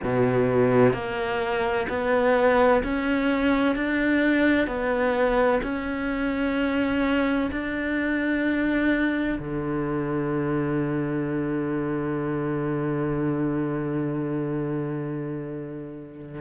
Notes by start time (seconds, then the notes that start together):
0.03 B2
0.93 A#3
1.88 B3
2.83 C#4
3.75 D4
4.67 B3
5.62 C#4
7.51 D4
9.39 D3